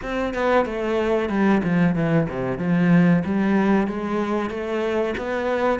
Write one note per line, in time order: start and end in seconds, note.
0.02 0.34 C4
0.34 0.65 B3
0.65 1.29 A3
1.29 1.61 G3
1.63 1.95 F3
1.95 2.27 E3
2.29 2.58 C3
2.58 3.23 F3
3.24 3.87 G3
3.87 4.50 G#3
4.50 5.14 A3
5.17 5.79 B3